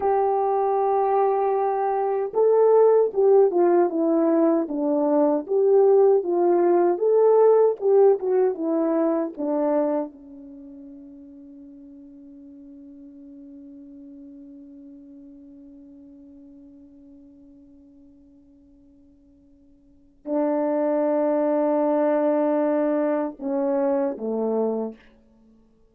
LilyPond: \new Staff \with { instrumentName = "horn" } { \time 4/4 \tempo 4 = 77 g'2. a'4 | g'8 f'8 e'4 d'4 g'4 | f'4 a'4 g'8 fis'8 e'4 | d'4 cis'2.~ |
cis'1~ | cis'1~ | cis'2 d'2~ | d'2 cis'4 a4 | }